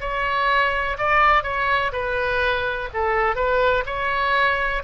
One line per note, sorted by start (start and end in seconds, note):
0.00 0.97 C#5
0.98 1.43 D5
1.43 1.91 C#5
1.92 2.89 B4
2.93 3.36 A4
3.36 3.84 B4
3.86 4.83 C#5